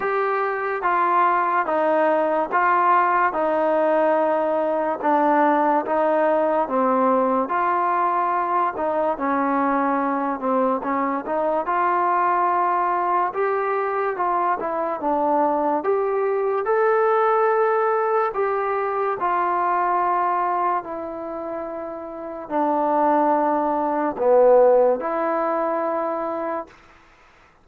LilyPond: \new Staff \with { instrumentName = "trombone" } { \time 4/4 \tempo 4 = 72 g'4 f'4 dis'4 f'4 | dis'2 d'4 dis'4 | c'4 f'4. dis'8 cis'4~ | cis'8 c'8 cis'8 dis'8 f'2 |
g'4 f'8 e'8 d'4 g'4 | a'2 g'4 f'4~ | f'4 e'2 d'4~ | d'4 b4 e'2 | }